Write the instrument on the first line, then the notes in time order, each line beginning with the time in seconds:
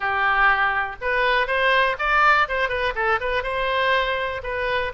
oboe
0.00 G4
1.01 B4
1.47 C5
1.98 D5
2.48 C5
2.68 B4
2.95 A4
3.20 B4
3.43 C5
4.43 B4